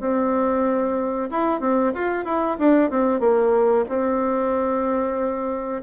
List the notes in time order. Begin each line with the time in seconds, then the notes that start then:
0.00 C4
1.31 E4
1.60 C4
1.94 F4
2.25 E4
2.59 D4
2.90 C4
3.20 A#3
3.89 C4